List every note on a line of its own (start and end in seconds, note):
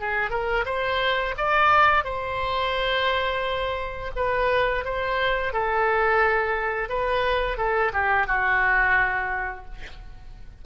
0.00 0.30 G#4
0.30 0.65 A#4
0.66 1.35 C5
1.38 2.05 D5
2.05 4.12 C5
4.16 4.85 B4
4.85 5.53 C5
5.53 6.89 A4
6.89 7.58 B4
7.58 7.92 A4
7.93 8.27 G4
8.27 9.65 F#4